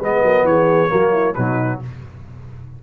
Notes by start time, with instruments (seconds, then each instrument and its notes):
0.00 tuba G#3, trombone B3, horn B4, trumpet D#5
0.24 tuba F#3, horn A#4
0.44 tuba E3, horn G#4, trumpet C#5
0.89 tuba F#3, trombone A#3, horn F#4
1.13 horn E4
1.35 tuba B2, trombone F#3, horn D#4, trumpet B4